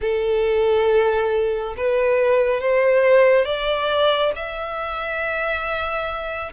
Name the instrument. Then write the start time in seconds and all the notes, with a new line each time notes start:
violin
0.01 A4
1.76 B4
2.60 C5
3.45 D5
4.35 E5